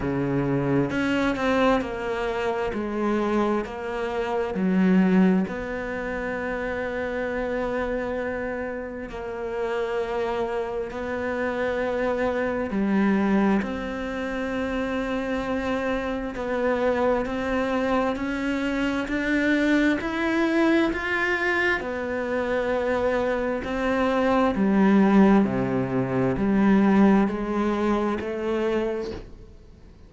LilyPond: \new Staff \with { instrumentName = "cello" } { \time 4/4 \tempo 4 = 66 cis4 cis'8 c'8 ais4 gis4 | ais4 fis4 b2~ | b2 ais2 | b2 g4 c'4~ |
c'2 b4 c'4 | cis'4 d'4 e'4 f'4 | b2 c'4 g4 | c4 g4 gis4 a4 | }